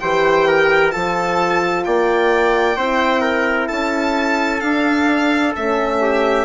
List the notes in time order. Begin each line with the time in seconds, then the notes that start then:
0.00 E3 G4 C5 G5
0.48 A#4
0.91 F3 F4 A4 A5
1.85 A#3 D5 G5
2.77 C4 E4 C5
3.21 A#4
3.67 C#4 A4 A5
4.60 D4 F5
5.56 A3 C#4 E5
6.02 G4